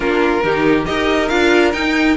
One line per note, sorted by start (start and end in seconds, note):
0.00 0.42 A#3
0.00 0.43 D4
0.00 0.43 F4
0.00 0.85 A#4
0.43 0.87 D#3
0.43 0.85 D#4
0.43 0.87 G4
0.85 1.31 D#4
0.85 1.28 G4
0.85 2.16 A#4
0.85 1.28 D#5
1.28 1.74 D4
1.28 1.73 F4
1.28 1.71 F5
1.73 2.16 D#4
1.73 2.16 G5